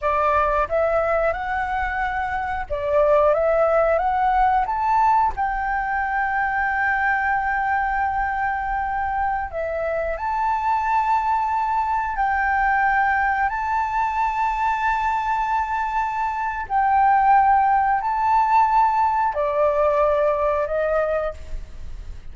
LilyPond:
\new Staff \with { instrumentName = "flute" } { \time 4/4 \tempo 4 = 90 d''4 e''4 fis''2 | d''4 e''4 fis''4 a''4 | g''1~ | g''2~ g''16 e''4 a''8.~ |
a''2~ a''16 g''4.~ g''16~ | g''16 a''2.~ a''8.~ | a''4 g''2 a''4~ | a''4 d''2 dis''4 | }